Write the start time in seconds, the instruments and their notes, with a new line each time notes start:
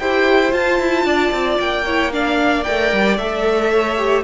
0.00 cello E4, viola G4, violin C5 G5
0.51 viola F4, cello F4, violin A5
0.79 cello E4
1.05 cello D4, violin D5
1.32 cello C4
1.59 cello A#3, violin G5
1.86 viola E4, violin C#5
2.12 viola D4, violin D5 F5
2.64 cello A3, viola A#4, violin G5
2.93 cello G3
3.18 cello A3, viola A4, violin E5
3.71 violin C#5
3.97 viola G4